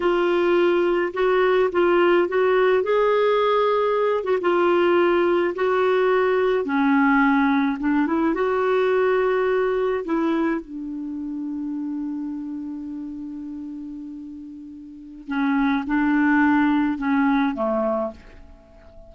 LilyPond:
\new Staff \with { instrumentName = "clarinet" } { \time 4/4 \tempo 4 = 106 f'2 fis'4 f'4 | fis'4 gis'2~ gis'8 fis'16 f'16~ | f'4.~ f'16 fis'2 cis'16~ | cis'4.~ cis'16 d'8 e'8 fis'4~ fis'16~ |
fis'4.~ fis'16 e'4 d'4~ d'16~ | d'1~ | d'2. cis'4 | d'2 cis'4 a4 | }